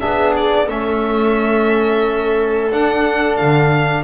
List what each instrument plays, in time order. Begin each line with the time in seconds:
0.00 double bass B3, trombone D4, viola G#4, violin E5
0.37 violin D5
0.67 double bass A3, trombone C#4, viola A4, violin E5
2.71 double bass D4, trombone D4, violin F#5
3.36 double bass D3, violin F5